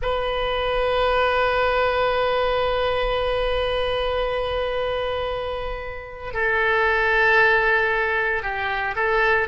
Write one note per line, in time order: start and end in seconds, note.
0.02 6.33 B4
6.33 8.42 A4
8.42 8.95 G4
8.95 9.48 A4